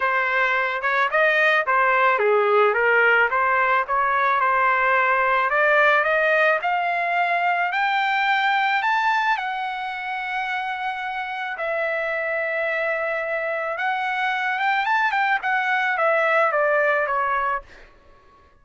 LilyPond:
\new Staff \with { instrumentName = "trumpet" } { \time 4/4 \tempo 4 = 109 c''4. cis''8 dis''4 c''4 | gis'4 ais'4 c''4 cis''4 | c''2 d''4 dis''4 | f''2 g''2 |
a''4 fis''2.~ | fis''4 e''2.~ | e''4 fis''4. g''8 a''8 g''8 | fis''4 e''4 d''4 cis''4 | }